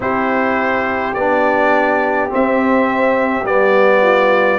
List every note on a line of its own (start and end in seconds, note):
0.00 1.15 C4
0.00 1.15 E4
0.00 4.02 G4
0.00 1.14 C5
1.14 2.30 B3
1.14 2.29 D4
1.14 2.29 D5
2.29 3.44 C4
2.29 3.43 C4
2.29 3.46 E5
3.43 4.58 G3
3.43 4.59 B3
3.43 4.59 D5
4.02 4.59 F4